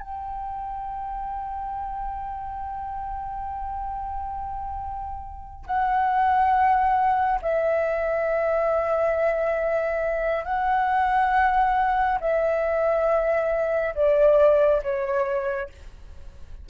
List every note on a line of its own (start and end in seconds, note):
0.00 5.65 G5
5.66 7.40 F#5
7.42 10.45 E5
10.45 12.19 F#5
12.21 13.94 E5
13.95 14.82 D5
14.83 15.70 C#5